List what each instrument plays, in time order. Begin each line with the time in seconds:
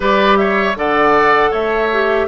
0.00 bassoon G3, clarinet G4, oboe B4, flute D5
0.36 oboe C#5, flute E5
0.75 bassoon D3, clarinet A4, oboe D5, flute F#5
1.50 bassoon A3, oboe C#5, flute E5
1.92 clarinet G4